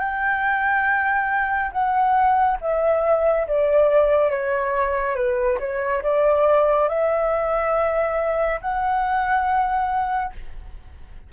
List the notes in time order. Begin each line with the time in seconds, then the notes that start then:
0.00 G5
1.72 F#5
2.61 E5
3.48 D5
4.31 C#5
5.16 B4
5.59 C#5
6.03 D5
6.89 E5
8.61 F#5